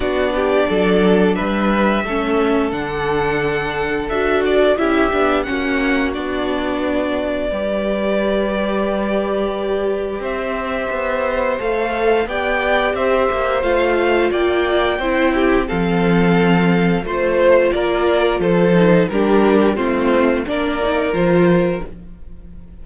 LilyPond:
<<
  \new Staff \with { instrumentName = "violin" } { \time 4/4 \tempo 4 = 88 d''2 e''2 | fis''2 e''8 d''8 e''4 | fis''4 d''2.~ | d''2. e''4~ |
e''4 f''4 g''4 e''4 | f''4 g''2 f''4~ | f''4 c''4 d''4 c''4 | ais'4 c''4 d''4 c''4 | }
  \new Staff \with { instrumentName = "violin" } { \time 4/4 fis'8 g'8 a'4 b'4 a'4~ | a'2. g'4 | fis'2. b'4~ | b'2. c''4~ |
c''2 d''4 c''4~ | c''4 d''4 c''8 g'8 a'4~ | a'4 c''4 ais'4 a'4 | g'4 f'4 ais'2 | }
  \new Staff \with { instrumentName = "viola" } { \time 4/4 d'2. cis'4 | d'2 fis'4 e'8 d'8 | cis'4 d'2 g'4~ | g'1~ |
g'4 a'4 g'2 | f'2 e'4 c'4~ | c'4 f'2~ f'8 dis'8 | d'4 c'4 d'8 dis'8 f'4 | }
  \new Staff \with { instrumentName = "cello" } { \time 4/4 b4 fis4 g4 a4 | d2 d'4 cis'8 b8 | ais4 b2 g4~ | g2. c'4 |
b4 a4 b4 c'8 ais8 | a4 ais4 c'4 f4~ | f4 a4 ais4 f4 | g4 a4 ais4 f4 | }
>>